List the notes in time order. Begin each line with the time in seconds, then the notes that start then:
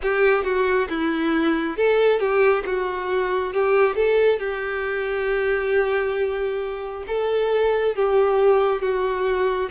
0.02 G4
0.44 F#4
0.89 E4
1.76 A4
2.19 G4
2.65 F#4
3.53 G4
3.95 A4
4.39 G4
7.07 A4
7.95 G4
8.81 F#4